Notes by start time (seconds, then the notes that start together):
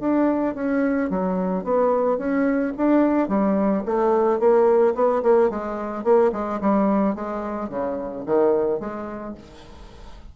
0.00 D4
0.55 C#4
1.10 F#3
1.64 B3
2.18 C#4
2.77 D4
3.28 G3
3.86 A3
4.39 A#3
4.95 B3
5.23 A#3
5.50 G#3
6.04 A#3
6.32 G#3
6.61 G3
7.15 G#3
7.69 C#3
8.26 D#3
8.80 G#3